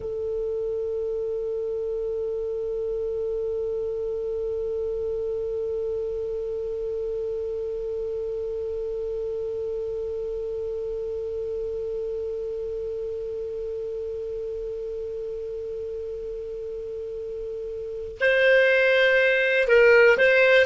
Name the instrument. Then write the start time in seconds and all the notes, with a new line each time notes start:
clarinet
0.00 A4
18.20 C5
19.68 A#4
20.17 C5